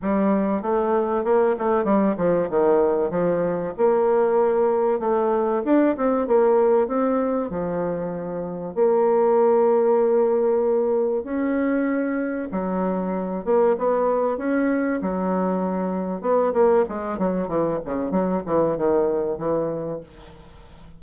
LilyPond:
\new Staff \with { instrumentName = "bassoon" } { \time 4/4 \tempo 4 = 96 g4 a4 ais8 a8 g8 f8 | dis4 f4 ais2 | a4 d'8 c'8 ais4 c'4 | f2 ais2~ |
ais2 cis'2 | fis4. ais8 b4 cis'4 | fis2 b8 ais8 gis8 fis8 | e8 cis8 fis8 e8 dis4 e4 | }